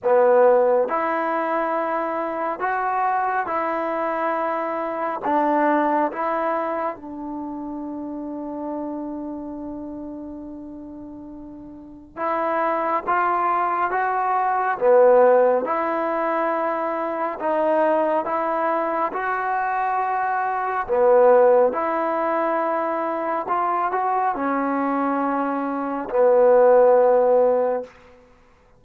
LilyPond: \new Staff \with { instrumentName = "trombone" } { \time 4/4 \tempo 4 = 69 b4 e'2 fis'4 | e'2 d'4 e'4 | d'1~ | d'2 e'4 f'4 |
fis'4 b4 e'2 | dis'4 e'4 fis'2 | b4 e'2 f'8 fis'8 | cis'2 b2 | }